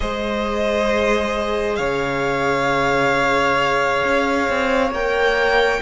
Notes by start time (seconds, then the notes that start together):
0.00 G#3 G#4 C5 D#5
1.76 C#3 C#5 F5
4.04 C#4
4.49 C4
4.90 A#3 A#4 G5